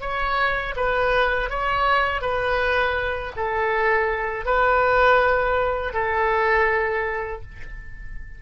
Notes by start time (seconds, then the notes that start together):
0.00 C#5
0.76 B4
1.49 C#5
2.21 B4
3.36 A4
4.45 B4
5.93 A4